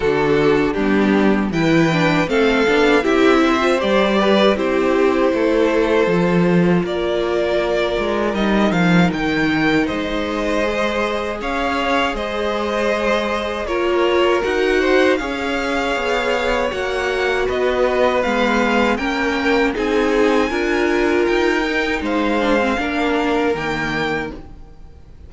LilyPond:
<<
  \new Staff \with { instrumentName = "violin" } { \time 4/4 \tempo 4 = 79 a'4 g'4 g''4 f''4 | e''4 d''4 c''2~ | c''4 d''2 dis''8 f''8 | g''4 dis''2 f''4 |
dis''2 cis''4 fis''4 | f''2 fis''4 dis''4 | f''4 g''4 gis''2 | g''4 f''2 g''4 | }
  \new Staff \with { instrumentName = "violin" } { \time 4/4 fis'4 d'4 b'4 a'4 | g'8 c''4 b'8 g'4 a'4~ | a'4 ais'2.~ | ais'4 c''2 cis''4 |
c''2 ais'4. c''8 | cis''2. b'4~ | b'4 ais'4 gis'4 ais'4~ | ais'4 c''4 ais'2 | }
  \new Staff \with { instrumentName = "viola" } { \time 4/4 d'4 b4 e'8 d'8 c'8 d'8 | e'8. f'16 g'4 e'2 | f'2. dis'4~ | dis'2 gis'2~ |
gis'2 f'4 fis'4 | gis'2 fis'2 | b4 cis'4 dis'4 f'4~ | f'8 dis'4 d'16 c'16 d'4 ais4 | }
  \new Staff \with { instrumentName = "cello" } { \time 4/4 d4 g4 e4 a8 b8 | c'4 g4 c'4 a4 | f4 ais4. gis8 g8 f8 | dis4 gis2 cis'4 |
gis2 ais4 dis'4 | cis'4 b4 ais4 b4 | gis4 ais4 c'4 d'4 | dis'4 gis4 ais4 dis4 | }
>>